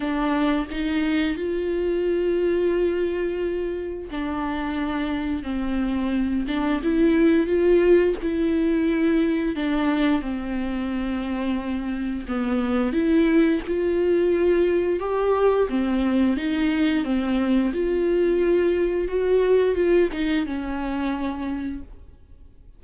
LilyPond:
\new Staff \with { instrumentName = "viola" } { \time 4/4 \tempo 4 = 88 d'4 dis'4 f'2~ | f'2 d'2 | c'4. d'8 e'4 f'4 | e'2 d'4 c'4~ |
c'2 b4 e'4 | f'2 g'4 c'4 | dis'4 c'4 f'2 | fis'4 f'8 dis'8 cis'2 | }